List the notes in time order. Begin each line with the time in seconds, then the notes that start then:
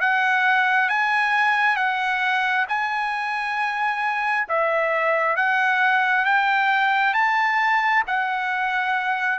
0.00 F#5
0.89 G#5
1.76 F#5
2.68 G#5
4.49 E5
5.36 F#5
6.25 G5
7.14 A5
8.07 F#5